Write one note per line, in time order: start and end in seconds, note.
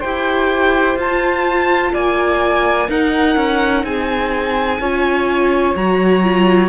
0.00 0.96 E4
0.00 0.97 G4
0.00 1.90 C5
0.00 0.96 G5
0.96 1.91 F4
0.96 2.87 F4
0.96 1.94 A5
1.93 2.88 A#3
1.93 2.88 D5
1.93 2.89 G#5
2.88 3.36 D#4
2.88 4.81 D#4
2.88 3.84 A#4
2.88 3.84 F#5
3.36 3.83 C#4
3.84 4.79 C4
3.84 4.80 G#4
3.84 5.75 G#5
4.79 5.74 C#4
4.79 5.76 F4
4.79 6.69 C#5
5.75 6.69 F#3
5.75 6.23 F#4
5.75 6.69 A#5
6.23 6.69 F4